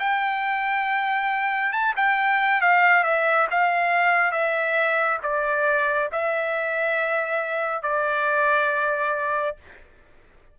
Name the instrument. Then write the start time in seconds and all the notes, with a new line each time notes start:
trumpet
0.00 G5
1.73 A5
1.97 G5
2.62 F5
3.04 E5
3.51 F5
4.32 E5
5.23 D5
6.12 E5
7.83 D5